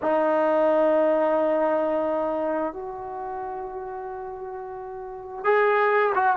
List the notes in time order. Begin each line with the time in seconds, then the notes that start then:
0.02 D#4
2.73 F#4
5.44 G#4
6.14 F#4